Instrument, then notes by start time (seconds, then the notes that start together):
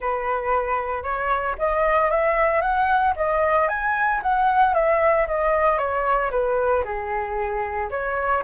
flute
0.00 B4
1.03 C#5
1.58 D#5
2.10 E5
2.61 F#5
3.16 D#5
3.68 G#5
4.22 F#5
4.74 E5
5.27 D#5
5.78 C#5
6.30 B4
6.84 G#4
7.90 C#5